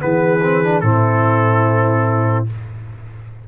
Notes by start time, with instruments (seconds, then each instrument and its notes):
0.00 tuba E3, trombone B3, horn G#4, trumpet B4
0.43 trombone C4
0.64 trombone D4
0.81 tuba A2, trombone C4, horn E4, trumpet A4